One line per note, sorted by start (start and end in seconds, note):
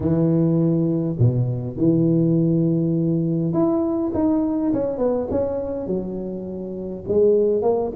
0.00 1.16 E3
1.18 1.76 B2
1.76 3.53 E3
3.53 4.12 E4
4.14 4.72 D#4
4.73 4.98 C#4
4.98 5.27 B3
5.30 5.86 C#4
5.86 7.04 F#3
7.07 7.62 G#3
7.62 7.91 A#3